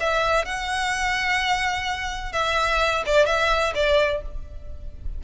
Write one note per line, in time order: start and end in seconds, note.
0.00 0.45 E5
0.45 2.33 F#5
2.33 3.03 E5
3.06 3.26 D5
3.26 3.73 E5
3.75 4.22 D5